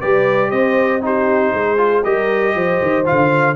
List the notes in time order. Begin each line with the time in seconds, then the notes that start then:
0.00 G3 G4 B4 D5
0.50 C4 C5 D#5
1.01 D#4 G4 C5
1.53 G#3 G#4
1.77 F4
2.03 G3 G4 A#4 D#5
2.54 F3 C5
2.81 D#3
3.05 F4 F5
3.12 D3